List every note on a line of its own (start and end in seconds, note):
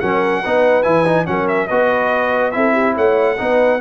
0.00 0.44 F#3
0.00 0.44 C#4
0.00 0.42 A#4
0.00 0.83 F#5
0.42 0.85 B3
0.42 0.83 D#4
0.42 1.26 B4
0.83 1.27 E3
0.83 1.04 E4
0.83 1.25 G#5
1.06 1.25 D#4
1.25 1.70 F#3
1.25 1.68 C#4
1.25 1.68 A#4
1.25 1.47 F#5
1.48 1.67 E5
1.67 2.55 B3
1.67 2.52 F#4
1.67 2.53 B4
1.67 2.51 D#5
2.51 2.97 C4
2.51 3.37 E4
2.51 2.73 A4
2.51 2.93 E5
2.73 2.94 G4
2.95 3.39 A3
2.95 3.38 C#5
2.95 3.81 F#5
3.37 3.81 B3
3.37 3.80 D#4
3.37 3.81 B4